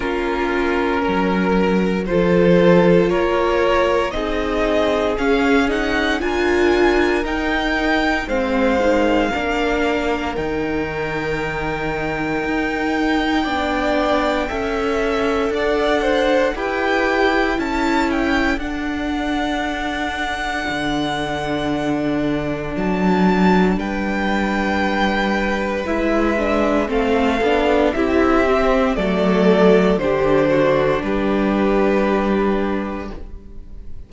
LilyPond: <<
  \new Staff \with { instrumentName = "violin" } { \time 4/4 \tempo 4 = 58 ais'2 c''4 cis''4 | dis''4 f''8 fis''8 gis''4 g''4 | f''2 g''2~ | g''2. fis''4 |
g''4 a''8 g''8 fis''2~ | fis''2 a''4 g''4~ | g''4 e''4 f''4 e''4 | d''4 c''4 b'2 | }
  \new Staff \with { instrumentName = "violin" } { \time 4/4 f'4 ais'4 a'4 ais'4 | gis'2 ais'2 | c''4 ais'2.~ | ais'4 d''4 e''4 d''8 c''8 |
b'4 a'2.~ | a'2. b'4~ | b'2 a'4 g'4 | a'4 g'8 fis'8 g'2 | }
  \new Staff \with { instrumentName = "viola" } { \time 4/4 cis'2 f'2 | dis'4 cis'8 dis'8 f'4 dis'4 | c'8 dis8 d'4 dis'2~ | dis'4 d'4 a'2 |
g'4 e'4 d'2~ | d'1~ | d'4 e'8 d'8 c'8 d'8 e'8 c'8 | a4 d'2. | }
  \new Staff \with { instrumentName = "cello" } { \time 4/4 ais4 fis4 f4 ais4 | c'4 cis'4 d'4 dis'4 | gis4 ais4 dis2 | dis'4 b4 cis'4 d'4 |
e'4 cis'4 d'2 | d2 fis4 g4~ | g4 gis4 a8 b8 c'4 | fis4 d4 g2 | }
>>